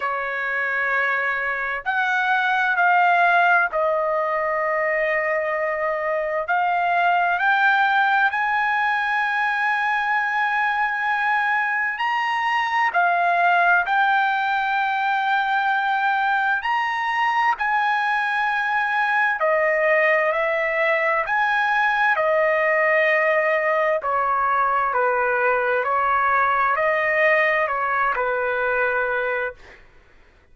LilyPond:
\new Staff \with { instrumentName = "trumpet" } { \time 4/4 \tempo 4 = 65 cis''2 fis''4 f''4 | dis''2. f''4 | g''4 gis''2.~ | gis''4 ais''4 f''4 g''4~ |
g''2 ais''4 gis''4~ | gis''4 dis''4 e''4 gis''4 | dis''2 cis''4 b'4 | cis''4 dis''4 cis''8 b'4. | }